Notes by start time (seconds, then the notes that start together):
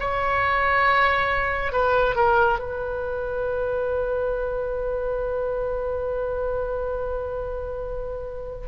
0.00 C#5
1.72 B4
2.16 A#4
2.59 B4